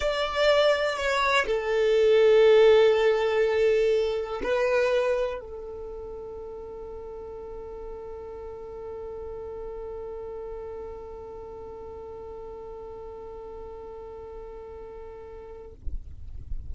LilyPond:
\new Staff \with { instrumentName = "violin" } { \time 4/4 \tempo 4 = 122 d''2 cis''4 a'4~ | a'1~ | a'4 b'2 a'4~ | a'1~ |
a'1~ | a'1~ | a'1~ | a'1 | }